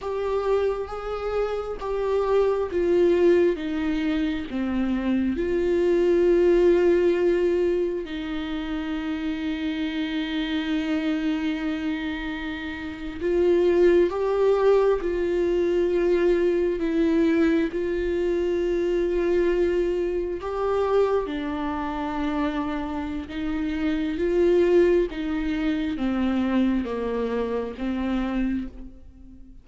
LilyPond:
\new Staff \with { instrumentName = "viola" } { \time 4/4 \tempo 4 = 67 g'4 gis'4 g'4 f'4 | dis'4 c'4 f'2~ | f'4 dis'2.~ | dis'2~ dis'8. f'4 g'16~ |
g'8. f'2 e'4 f'16~ | f'2~ f'8. g'4 d'16~ | d'2 dis'4 f'4 | dis'4 c'4 ais4 c'4 | }